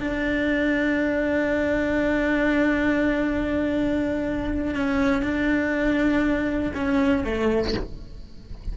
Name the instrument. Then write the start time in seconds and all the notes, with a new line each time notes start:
cello
0.00 D4
4.75 C#4
5.23 D4
6.75 C#4
7.24 A3